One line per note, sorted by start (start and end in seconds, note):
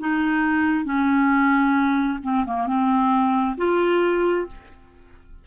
0.00 0.85 D#4
0.85 2.19 C#4
2.23 2.45 C4
2.46 2.67 A#3
2.67 3.57 C4
3.57 4.47 F4